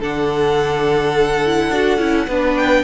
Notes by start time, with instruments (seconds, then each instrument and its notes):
0.00 cello D3, viola D4, violin A4 F#5
1.46 viola E4
1.70 cello D4, viola F#4
1.98 cello C#4, viola E4
2.27 cello B3, viola D4, violin B4
2.56 violin G5